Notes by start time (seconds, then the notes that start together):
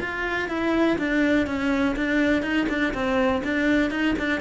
0.00 F4
0.49 E4
0.98 D4
1.47 C#4
1.96 D4
2.42 D#4
2.69 D4
2.94 C4
3.44 D4
3.91 D#4
4.19 D4